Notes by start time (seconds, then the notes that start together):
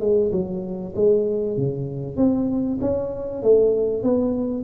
0.00 G#3
0.32 F#3
0.95 G#3
1.57 C#3
2.16 C4
2.81 C#4
3.42 A3
4.03 B3